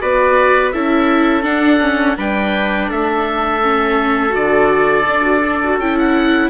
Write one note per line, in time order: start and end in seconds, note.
0.00 0.74 B3
0.00 0.72 F#4
0.00 0.74 B4
0.00 0.72 D5
0.72 1.45 C#4
0.72 1.43 E4
0.72 2.17 A4
0.72 1.44 E5
1.43 1.79 D4
1.43 2.17 D4
1.43 2.17 F#5
1.81 2.17 C#4
2.17 2.90 G3
2.17 3.61 D4
2.17 2.89 B4
2.17 2.91 G5
2.89 4.35 A3
2.89 6.50 A4
2.89 4.35 E5
3.62 4.30 C#4
4.30 5.07 D3
4.30 5.02 F#4
4.30 5.80 D5
5.07 5.22 D4
5.07 5.78 D4
5.22 5.40 F#4
5.45 5.63 D4
5.64 5.82 F#4
5.78 6.50 C#4
5.78 6.50 E4
5.78 5.98 G5
5.99 6.50 F#5